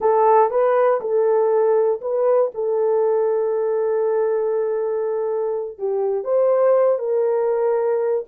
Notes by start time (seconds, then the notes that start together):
0.00 A4
0.50 B4
1.00 A4
2.01 B4
2.54 A4
5.78 G4
6.24 C5
6.98 A#4